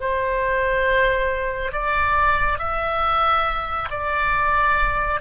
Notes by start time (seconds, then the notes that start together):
0.00 C5
1.72 D5
2.58 E5
3.90 D5